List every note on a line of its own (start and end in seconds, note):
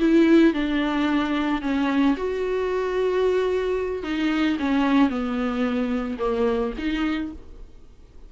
0.00 0.54 E4
0.54 1.62 D4
1.62 2.16 C#4
2.17 4.03 F#4
4.03 4.57 D#4
4.60 5.10 C#4
5.10 6.18 B3
6.19 6.73 A#3
6.78 7.32 D#4